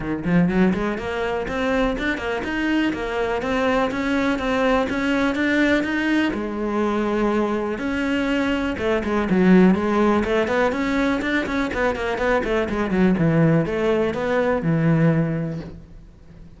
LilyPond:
\new Staff \with { instrumentName = "cello" } { \time 4/4 \tempo 4 = 123 dis8 f8 fis8 gis8 ais4 c'4 | d'8 ais8 dis'4 ais4 c'4 | cis'4 c'4 cis'4 d'4 | dis'4 gis2. |
cis'2 a8 gis8 fis4 | gis4 a8 b8 cis'4 d'8 cis'8 | b8 ais8 b8 a8 gis8 fis8 e4 | a4 b4 e2 | }